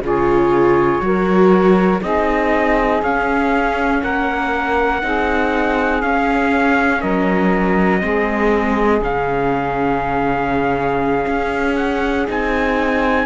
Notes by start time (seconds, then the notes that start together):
0.00 C#3 F4 G#4
0.06 C#5
1.00 F#3 F#4 A#4
2.02 C4 D#4 G#4 D#5
3.02 C#4 F5
4.02 A#3 A#4 F#5
5.02 C4 D#4 G#4
6.01 C#4 F5
7.00 F#3 A#4 D#5
8.00 G#3 C4 G#4
9.01 C#3 C#4 F5
11.27 C#4
11.76 F#5
12.27 C4 D#4 G#5